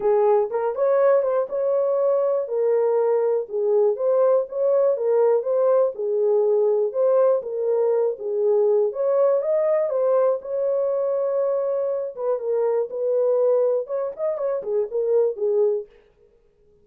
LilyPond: \new Staff \with { instrumentName = "horn" } { \time 4/4 \tempo 4 = 121 gis'4 ais'8 cis''4 c''8 cis''4~ | cis''4 ais'2 gis'4 | c''4 cis''4 ais'4 c''4 | gis'2 c''4 ais'4~ |
ais'8 gis'4. cis''4 dis''4 | c''4 cis''2.~ | cis''8 b'8 ais'4 b'2 | cis''8 dis''8 cis''8 gis'8 ais'4 gis'4 | }